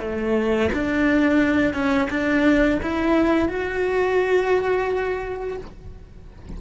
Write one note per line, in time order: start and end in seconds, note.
0.00 0.70 A3
0.74 1.74 D4
1.74 2.09 C#4
2.11 2.80 D4
2.83 3.49 E4
3.49 5.58 F#4